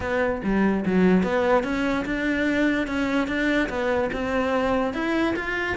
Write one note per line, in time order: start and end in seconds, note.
0.00 0.41 B3
0.43 0.84 G3
0.85 1.23 F#3
1.23 1.63 B3
1.63 2.05 C#4
2.05 2.87 D4
2.87 3.27 C#4
3.27 3.68 D4
3.69 4.10 B3
4.12 4.93 C4
4.93 5.34 E4
5.35 5.76 F4